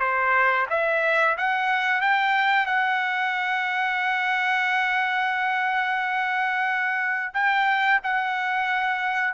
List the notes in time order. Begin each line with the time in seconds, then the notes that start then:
0.00 C5
0.70 E5
1.38 F#5
2.01 G5
2.66 F#5
7.34 G5
8.04 F#5